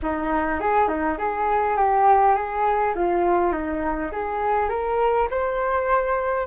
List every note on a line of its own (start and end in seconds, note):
0.02 0.60 D#4
0.60 0.88 G#4
0.88 1.17 D#4
1.18 1.76 G#4
1.76 2.35 G4
2.35 2.94 G#4
2.95 3.52 F4
3.52 4.11 D#4
4.11 4.69 G#4
4.69 5.28 A#4
5.30 6.46 C5